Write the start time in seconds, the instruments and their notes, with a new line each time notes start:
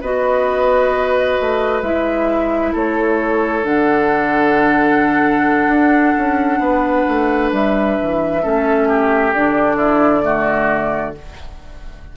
0.00 bassoon B3, clarinet F#4, oboe B4, flute D#5
1.40 bassoon A3
1.81 bassoon G#3, clarinet E4, flute E5
2.72 bassoon A3, oboe A4, flute C#5
3.63 bassoon D3, clarinet D4, flute F#5
5.67 bassoon D4
6.17 bassoon C#4
6.59 bassoon B3, oboe B4
7.08 bassoon A3
7.52 bassoon G3, flute E5
8.02 bassoon E3
8.41 bassoon A3, clarinet C#4, oboe A4
8.88 oboe G4
9.33 bassoon D3, clarinet D4, flute D5
9.76 oboe E4
10.22 clarinet A3, oboe F#4